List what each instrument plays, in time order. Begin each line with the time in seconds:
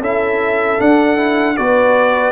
0.00 tuba C#4, trombone E4, horn A4, trumpet E5
0.79 trombone D4, tuba D4, trumpet F#5
1.17 trombone E4
1.57 tuba B3, trombone F#4, horn B4, trumpet D5